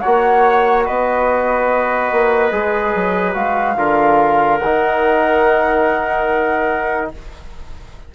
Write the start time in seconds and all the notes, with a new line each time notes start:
0.00 A#3 F#4 C#5 F#5
0.86 B3 B4 D#5
2.12 A#3
2.52 G#3 G#4
2.95 F#3
3.34 G#3 F#4 F5
3.77 D3 F4 A#4
4.58 D#3 F#5
4.65 D#4